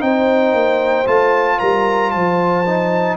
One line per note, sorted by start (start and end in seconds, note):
0.00 0.54 C4
0.00 1.05 D#4
0.00 1.59 C5
0.00 1.07 G5
0.54 1.06 A#3
1.07 1.59 A3
1.07 2.65 F4
1.07 1.59 A5
1.59 2.15 G3
1.59 2.12 A#4
1.59 2.11 A#5
2.11 3.17 F3
2.11 3.17 C5
2.11 3.16 A5
2.67 3.17 D#4